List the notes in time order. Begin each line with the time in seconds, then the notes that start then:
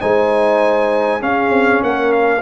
0.00 G#3 D#4 C5 G#5
1.20 C#4 G#4 F5
1.50 C4
1.83 A#3 A#4 F#5
2.13 F5